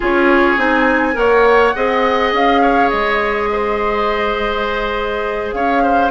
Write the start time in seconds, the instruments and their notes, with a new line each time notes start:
0.00 bassoon C#4, clarinet F4, oboe G#4, flute C#5
0.57 bassoon C4, clarinet D#4, flute G#5
1.13 bassoon A#3, clarinet A#4, oboe C#5, flute F#5
1.75 bassoon C4, clarinet G#4, oboe D#5
2.32 bassoon C#4, flute F5
2.61 oboe C#5
2.89 bassoon G#3, flute D#5
3.52 oboe C5
5.53 bassoon C#4, oboe C#5, flute F5
5.82 oboe C5